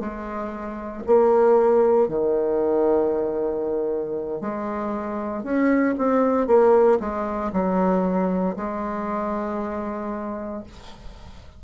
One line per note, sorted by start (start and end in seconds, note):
0.00 1.03 G#3
1.07 2.09 A#3
2.09 4.42 D#3
4.42 5.44 G#3
5.44 5.96 C#4
5.99 6.47 C4
6.47 6.99 A#3
7.00 7.52 G#3
7.53 8.56 F#3
8.57 10.64 G#3